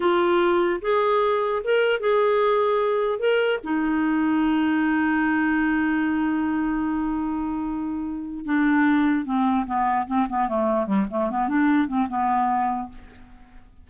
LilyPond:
\new Staff \with { instrumentName = "clarinet" } { \time 4/4 \tempo 4 = 149 f'2 gis'2 | ais'4 gis'2. | ais'4 dis'2.~ | dis'1~ |
dis'1~ | dis'4 d'2 c'4 | b4 c'8 b8 a4 g8 a8 | b8 d'4 c'8 b2 | }